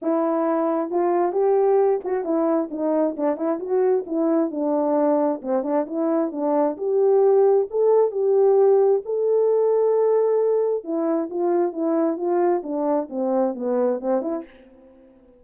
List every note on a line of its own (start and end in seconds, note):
0.01 0.90 E4
0.90 1.32 F4
1.32 2.00 G4
2.04 2.24 F#4
2.24 2.69 E4
2.71 3.16 D#4
3.17 3.36 D4
3.36 3.59 E4
3.59 4.04 F#4
4.06 4.51 E4
4.51 5.41 D4
5.42 5.63 C4
5.63 5.85 D4
5.86 6.31 E4
6.31 6.76 D4
6.77 7.67 G4
7.70 8.11 A4
8.11 9.01 G4
9.05 10.84 A4
10.84 11.29 E4
11.30 11.72 F4
11.72 12.17 E4
12.17 12.62 F4
12.63 13.08 D4
13.09 13.54 C4
13.54 14.00 B3
14.00 14.21 C4
14.21 14.44 E4